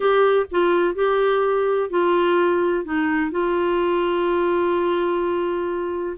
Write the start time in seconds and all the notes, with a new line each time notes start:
0.00 G4
0.51 F4
0.94 G4
1.90 F4
2.84 D#4
3.31 F4